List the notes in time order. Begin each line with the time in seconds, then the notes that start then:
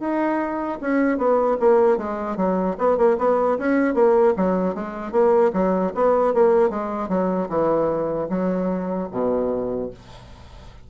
0.00 D#4
0.81 C#4
1.18 B3
1.60 A#3
1.98 G#3
2.37 F#3
2.78 B3
2.97 A#3
3.19 B3
3.58 C#4
3.94 A#3
4.37 F#3
4.75 G#3
5.12 A#3
5.53 F#3
5.95 B3
6.34 A#3
6.70 G#3
7.09 F#3
7.49 E3
8.30 F#3
9.11 B2